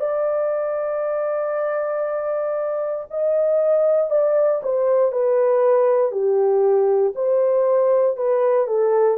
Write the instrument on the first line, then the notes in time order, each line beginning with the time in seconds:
horn
0.00 D5
3.10 D#5
4.10 D5
4.63 C5
5.12 B4
6.12 G4
7.16 C5
8.17 B4
8.67 A4